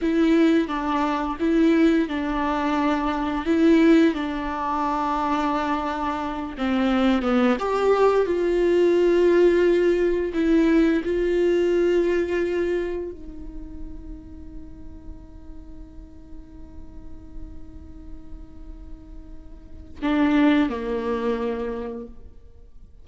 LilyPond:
\new Staff \with { instrumentName = "viola" } { \time 4/4 \tempo 4 = 87 e'4 d'4 e'4 d'4~ | d'4 e'4 d'2~ | d'4. c'4 b8 g'4 | f'2. e'4 |
f'2. dis'4~ | dis'1~ | dis'1~ | dis'4 d'4 ais2 | }